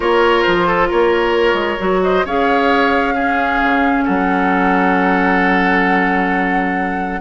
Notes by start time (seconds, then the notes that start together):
0.00 A#3 F4 A#4 C#5
0.42 F3 C5
0.67 A4
0.88 A#3 A#4 C#5
1.53 G#3
1.79 F#3 F#4
2.03 C5 D#5
2.24 C#4 G#4 C#5 F5
3.14 C#4 G#4
3.63 C#3
4.05 F#3 A4 F#5